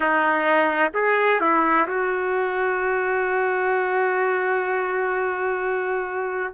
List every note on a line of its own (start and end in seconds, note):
0.00 0.91 D#4
0.94 1.40 G#4
1.40 1.87 E4
1.87 6.54 F#4